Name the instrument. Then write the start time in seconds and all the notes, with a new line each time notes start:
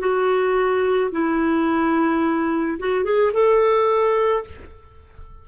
clarinet
0.00 F#4
1.12 E4
2.79 F#4
3.05 G#4
3.34 A4